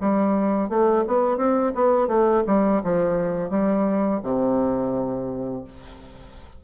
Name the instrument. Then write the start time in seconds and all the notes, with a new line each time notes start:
bassoon
0.00 G3
0.69 A3
1.07 B3
1.37 C4
1.75 B3
2.07 A3
2.46 G3
2.83 F3
3.49 G3
4.22 C3